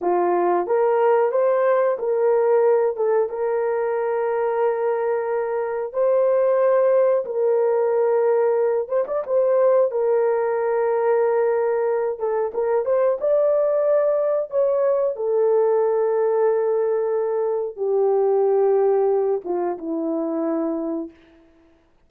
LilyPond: \new Staff \with { instrumentName = "horn" } { \time 4/4 \tempo 4 = 91 f'4 ais'4 c''4 ais'4~ | ais'8 a'8 ais'2.~ | ais'4 c''2 ais'4~ | ais'4. c''16 d''16 c''4 ais'4~ |
ais'2~ ais'8 a'8 ais'8 c''8 | d''2 cis''4 a'4~ | a'2. g'4~ | g'4. f'8 e'2 | }